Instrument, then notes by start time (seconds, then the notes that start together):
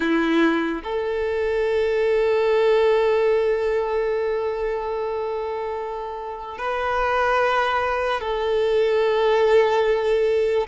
violin
0.00 E4
0.83 A4
6.58 B4
8.20 A4